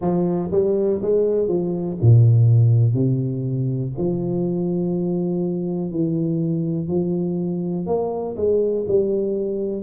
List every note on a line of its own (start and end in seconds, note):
0.01 0.50 F3
0.51 1.01 G3
1.01 1.48 G#3
1.48 1.97 F3
2.01 2.94 A#2
2.94 3.92 C3
3.97 5.91 F3
5.91 6.88 E3
6.88 7.86 F3
7.86 8.35 A#3
8.36 8.85 G#3
8.87 9.82 G3